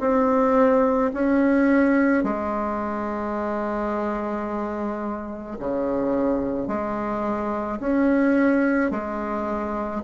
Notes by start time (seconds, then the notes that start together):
0.00 C4
1.14 C#4
2.24 G#3
5.59 C#3
6.68 G#3
7.80 C#4
8.90 G#3